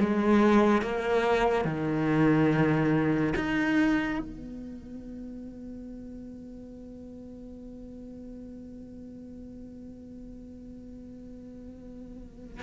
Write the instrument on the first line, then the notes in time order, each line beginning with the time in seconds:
cello
0.00 G#3
0.82 A#3
1.65 D#3
3.36 D#4
4.19 B3